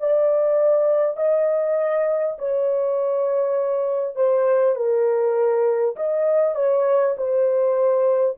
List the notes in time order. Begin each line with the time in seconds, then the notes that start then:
0.00 D5
1.16 D#5
2.38 C#5
4.16 C5
4.76 A#4
5.96 D#5
6.55 C#5
7.17 C5